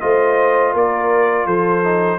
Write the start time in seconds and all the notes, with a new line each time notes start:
0.00 A3 F4 C5 D#5
0.73 A#3 A#4 D5
1.46 F3 A4 C5
1.83 D#4